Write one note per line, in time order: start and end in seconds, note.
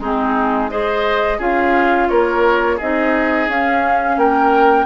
0.00 1.39 G#3
0.00 0.70 C4
0.00 0.70 D#4
0.00 0.69 G#4
0.69 1.39 G#4
0.69 1.38 C5
0.69 1.39 D#5
1.38 2.08 C#4
1.38 2.79 F4
1.38 2.08 G#4
1.38 2.08 F5
2.08 2.80 A#3
2.08 2.76 A#4
2.08 2.78 C#5
2.76 3.47 C4
2.76 3.50 D#4
2.76 4.16 G#4
2.76 3.49 D#5
3.47 4.17 C#4
3.47 4.86 C#4
3.47 4.18 F5
4.17 4.86 A#3
4.17 4.86 A#4
4.17 4.86 G5